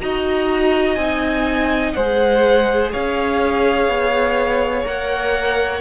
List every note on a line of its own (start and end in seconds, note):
0.00 0.96 D#4
0.00 0.97 F#4
0.00 1.95 D#5
0.00 0.95 A#5
0.95 1.93 C4
0.95 1.96 D#4
0.95 1.92 G#5
1.93 2.93 G#3
1.93 4.84 G#4
1.93 2.92 C5
1.93 2.90 F#5
2.92 3.88 C#4
2.92 5.80 C#5
2.92 4.85 F5
3.88 4.85 B3
4.84 5.80 A#3
4.84 5.80 A#4
4.84 5.80 F#5